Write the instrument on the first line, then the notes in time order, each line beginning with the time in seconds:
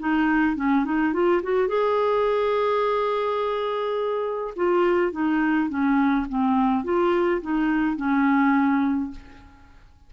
clarinet
0.00 D#4
0.57 C#4
0.85 D#4
1.14 F4
1.43 F#4
1.69 G#4
4.56 F4
5.12 D#4
5.70 C#4
6.29 C4
6.85 F4
7.42 D#4
7.97 C#4